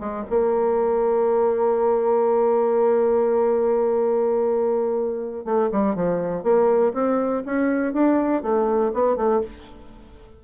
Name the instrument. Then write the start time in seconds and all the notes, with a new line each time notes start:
bassoon
0.00 G#3
0.30 A#3
5.45 A3
5.72 G3
5.95 F3
6.43 A#3
6.94 C4
7.46 C#4
7.94 D4
8.43 A3
8.94 B3
9.17 A3